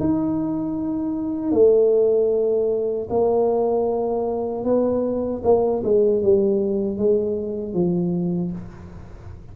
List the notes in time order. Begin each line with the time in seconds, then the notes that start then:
0.00 D#4
1.52 A3
3.10 A#3
4.64 B3
5.44 A#3
5.84 G#3
6.23 G3
6.98 G#3
7.74 F3